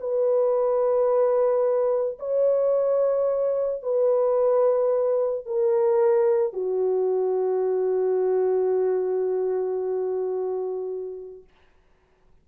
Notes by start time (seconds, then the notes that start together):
0.00 B4
2.19 C#5
3.82 B4
5.45 A#4
6.53 F#4